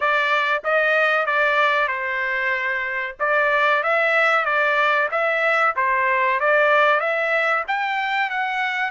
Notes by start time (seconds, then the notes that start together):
0.00 D5
0.64 D#5
1.26 D5
1.87 C5
3.19 D5
3.83 E5
4.45 D5
5.11 E5
5.76 C5
6.40 D5
7.00 E5
7.67 G5
8.29 F#5